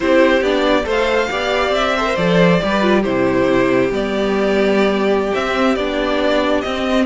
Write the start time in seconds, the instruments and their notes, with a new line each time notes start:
0.00 cello C4, viola E4, violin G4 C5
0.41 cello B3, viola D4, violin D5
0.83 cello A3, viola A4, violin C5
0.90 violin F5
1.30 cello B3, viola G4, violin D5
1.69 cello C4, violin E5
1.96 viola A4, violin C5
2.06 viola A#4
2.15 cello F3, viola A4, violin D5
2.61 cello G3, viola G4, violin B4
2.81 viola F4
3.01 cello C3, viola E4, violin G4 C5
3.90 cello G3, viola B3, violin D5
5.32 viola C4, cello C4, violin E5
5.75 cello B3, viola D4, violin D5
6.61 viola C4, cello C4, violin D#5